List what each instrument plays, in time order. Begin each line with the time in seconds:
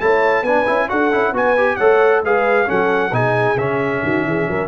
0.00 tuba A3, trombone E4, horn C#5, trumpet A5
0.42 tuba B3, trombone D4, horn B4, trumpet G#5
0.66 tuba C#4, trombone E4
0.88 tuba D4, trombone F#4, horn A4, trumpet F#5
1.11 tuba C#4, trombone E4
1.32 tuba B3, trombone F#4, horn B4, trumpet G#5
1.57 trombone G4
1.76 tuba A3, trombone A4, horn C#5, trumpet F#5
2.22 tuba G#3, trombone G#4, horn B4, trumpet F5
2.66 tuba F#3, trombone C#4, horn A4, trumpet F#5
3.12 tuba B2, trombone D#4, horn G#4, trumpet G#5
3.56 tuba C#3, trombone C#4, trumpet E5
4.03 tuba D#3, horn F#4
4.25 tuba E3, horn G#4
4.48 tuba F#3, horn A#4